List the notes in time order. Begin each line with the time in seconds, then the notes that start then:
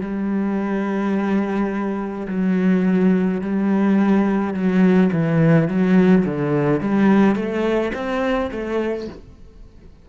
0.00 G3
2.27 F#3
3.41 G3
4.53 F#3
5.12 E3
5.68 F#3
6.25 D3
6.80 G3
7.35 A3
7.93 C4
8.51 A3